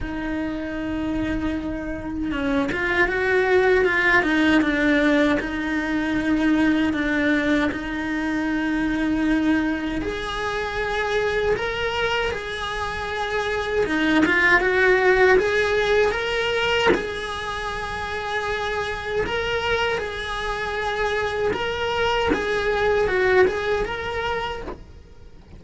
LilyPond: \new Staff \with { instrumentName = "cello" } { \time 4/4 \tempo 4 = 78 dis'2. cis'8 f'8 | fis'4 f'8 dis'8 d'4 dis'4~ | dis'4 d'4 dis'2~ | dis'4 gis'2 ais'4 |
gis'2 dis'8 f'8 fis'4 | gis'4 ais'4 gis'2~ | gis'4 ais'4 gis'2 | ais'4 gis'4 fis'8 gis'8 ais'4 | }